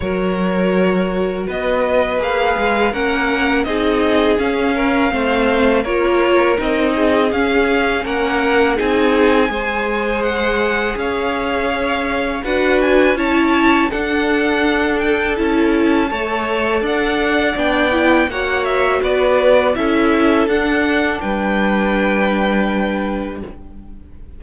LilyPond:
<<
  \new Staff \with { instrumentName = "violin" } { \time 4/4 \tempo 4 = 82 cis''2 dis''4 f''4 | fis''4 dis''4 f''2 | cis''4 dis''4 f''4 fis''4 | gis''2 fis''4 f''4~ |
f''4 fis''8 gis''8 a''4 fis''4~ | fis''8 g''8 a''2 fis''4 | g''4 fis''8 e''8 d''4 e''4 | fis''4 g''2. | }
  \new Staff \with { instrumentName = "violin" } { \time 4/4 ais'2 b'2 | ais'4 gis'4. ais'8 c''4 | ais'4. gis'4. ais'4 | gis'4 c''2 cis''4~ |
cis''4 b'4 cis''4 a'4~ | a'2 cis''4 d''4~ | d''4 cis''4 b'4 a'4~ | a'4 b'2. | }
  \new Staff \with { instrumentName = "viola" } { \time 4/4 fis'2. gis'4 | cis'4 dis'4 cis'4 c'4 | f'4 dis'4 cis'2 | dis'4 gis'2.~ |
gis'4 fis'4 e'4 d'4~ | d'4 e'4 a'2 | d'8 e'8 fis'2 e'4 | d'1 | }
  \new Staff \with { instrumentName = "cello" } { \time 4/4 fis2 b4 ais8 gis8 | ais4 c'4 cis'4 a4 | ais4 c'4 cis'4 ais4 | c'4 gis2 cis'4~ |
cis'4 d'4 cis'4 d'4~ | d'4 cis'4 a4 d'4 | b4 ais4 b4 cis'4 | d'4 g2. | }
>>